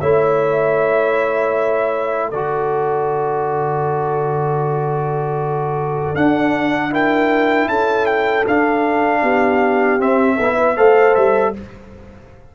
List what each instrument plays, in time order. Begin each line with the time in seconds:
0.00 tuba A3, trombone E4, horn C#5, trumpet E5
2.29 tuba D3, trombone F#4, horn A4, trumpet D5
6.15 tuba D4, trombone D4, trumpet F#5
6.90 trombone E4, horn A#4, trumpet G5
7.67 tuba C#4, horn A4, trumpet A5
8.06 trumpet G5
8.47 tuba D4, trombone D4, trumpet F5
9.22 tuba B3, horn G4
10.00 trombone C4, tuba C4, trumpet E5
10.36 tuba B3, trombone E4, horn A4
10.56 horn B4
10.76 tuba A3, trombone A4, horn C5, trumpet F5
11.15 tuba G3, trumpet E5